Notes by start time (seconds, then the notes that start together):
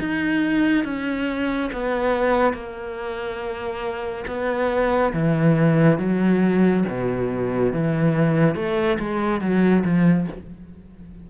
0.00 D#4
0.85 C#4
1.73 B3
2.54 A#3
4.28 B3
5.14 E3
5.99 F#3
6.89 B2
7.73 E3
8.56 A3
9.00 G#3
9.41 F#3
9.85 F3